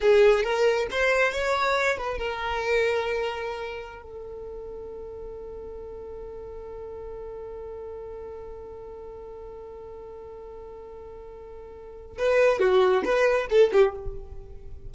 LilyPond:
\new Staff \with { instrumentName = "violin" } { \time 4/4 \tempo 4 = 138 gis'4 ais'4 c''4 cis''4~ | cis''8 b'8 ais'2.~ | ais'4~ ais'16 a'2~ a'8.~ | a'1~ |
a'1~ | a'1~ | a'1 | b'4 fis'4 b'4 a'8 g'8 | }